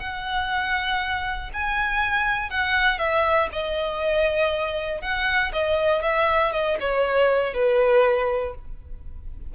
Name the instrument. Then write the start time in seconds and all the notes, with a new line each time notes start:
violin
0.00 F#5
1.54 G#5
2.50 F#5
2.99 E5
3.52 D#5
5.02 F#5
5.53 D#5
6.03 E5
6.53 D#5
6.81 C#5
7.54 B4